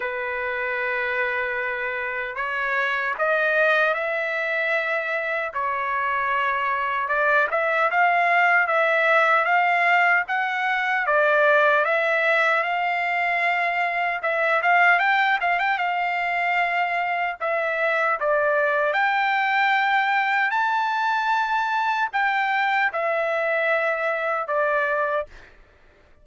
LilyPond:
\new Staff \with { instrumentName = "trumpet" } { \time 4/4 \tempo 4 = 76 b'2. cis''4 | dis''4 e''2 cis''4~ | cis''4 d''8 e''8 f''4 e''4 | f''4 fis''4 d''4 e''4 |
f''2 e''8 f''8 g''8 f''16 g''16 | f''2 e''4 d''4 | g''2 a''2 | g''4 e''2 d''4 | }